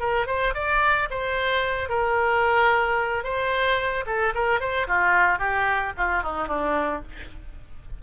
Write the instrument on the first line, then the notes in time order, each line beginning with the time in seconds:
oboe
0.00 A#4
0.27 C5
0.55 D5
1.11 C5
1.89 A#4
3.24 C5
4.07 A4
4.35 A#4
4.60 C5
4.88 F4
5.39 G4
5.98 F4
6.23 D#4
6.48 D4